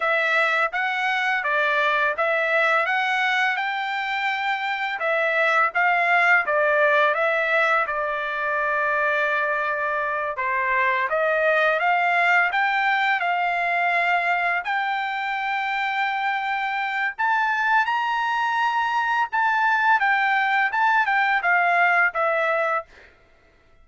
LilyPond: \new Staff \with { instrumentName = "trumpet" } { \time 4/4 \tempo 4 = 84 e''4 fis''4 d''4 e''4 | fis''4 g''2 e''4 | f''4 d''4 e''4 d''4~ | d''2~ d''8 c''4 dis''8~ |
dis''8 f''4 g''4 f''4.~ | f''8 g''2.~ g''8 | a''4 ais''2 a''4 | g''4 a''8 g''8 f''4 e''4 | }